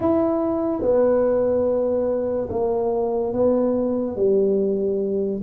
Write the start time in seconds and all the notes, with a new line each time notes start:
0.00 E4
0.81 B3
2.49 A#3
3.33 B3
4.16 G3